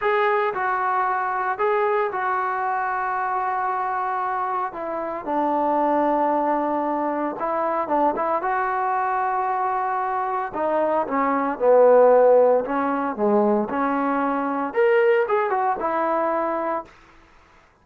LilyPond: \new Staff \with { instrumentName = "trombone" } { \time 4/4 \tempo 4 = 114 gis'4 fis'2 gis'4 | fis'1~ | fis'4 e'4 d'2~ | d'2 e'4 d'8 e'8 |
fis'1 | dis'4 cis'4 b2 | cis'4 gis4 cis'2 | ais'4 gis'8 fis'8 e'2 | }